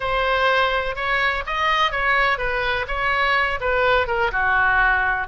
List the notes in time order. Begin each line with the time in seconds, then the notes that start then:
0.00 C5
0.95 C#5
1.46 D#5
1.91 C#5
2.38 B4
2.87 C#5
3.60 B4
4.07 A#4
4.31 F#4